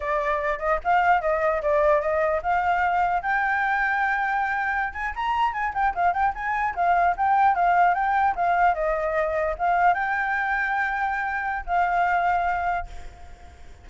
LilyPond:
\new Staff \with { instrumentName = "flute" } { \time 4/4 \tempo 4 = 149 d''4. dis''8 f''4 dis''4 | d''4 dis''4 f''2 | g''1~ | g''16 gis''8 ais''4 gis''8 g''8 f''8 g''8 gis''16~ |
gis''8. f''4 g''4 f''4 g''16~ | g''8. f''4 dis''2 f''16~ | f''8. g''2.~ g''16~ | g''4 f''2. | }